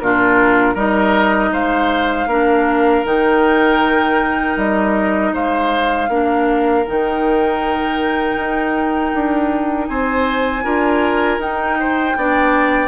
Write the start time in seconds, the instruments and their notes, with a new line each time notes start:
0.00 bassoon A#2, clarinet D4, oboe F4, flute A#4
0.75 bassoon G3, clarinet D#4, oboe A#4, flute D#5
1.52 bassoon G#3, oboe C5, flute F5
2.26 bassoon A#3, clarinet D4, oboe A#4
3.05 bassoon D#3, clarinet D#4, flute G5
4.57 bassoon G3, flute D#5
5.33 bassoon G#3, oboe C5, flute F5
6.09 bassoon A#3, clarinet D4, oboe A#4
6.86 bassoon D#3, clarinet D#4, flute G5
8.36 bassoon D#4
9.15 bassoon D4
9.88 bassoon C4, oboe C5, flute G#5
10.64 bassoon D4, clarinet F4, oboe A#4
11.39 bassoon D#4, clarinet D#4, flute G5
11.79 oboe C5
12.16 bassoon B3, clarinet D4, oboe D5